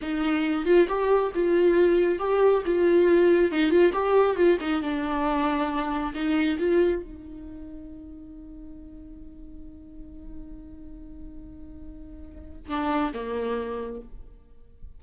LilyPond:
\new Staff \with { instrumentName = "viola" } { \time 4/4 \tempo 4 = 137 dis'4. f'8 g'4 f'4~ | f'4 g'4 f'2 | dis'8 f'8 g'4 f'8 dis'8 d'4~ | d'2 dis'4 f'4 |
dis'1~ | dis'1~ | dis'1~ | dis'4 d'4 ais2 | }